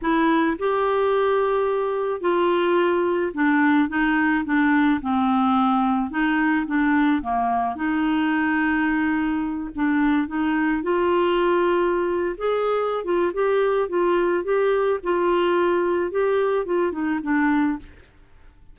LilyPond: \new Staff \with { instrumentName = "clarinet" } { \time 4/4 \tempo 4 = 108 e'4 g'2. | f'2 d'4 dis'4 | d'4 c'2 dis'4 | d'4 ais4 dis'2~ |
dis'4. d'4 dis'4 f'8~ | f'2~ f'16 gis'4~ gis'16 f'8 | g'4 f'4 g'4 f'4~ | f'4 g'4 f'8 dis'8 d'4 | }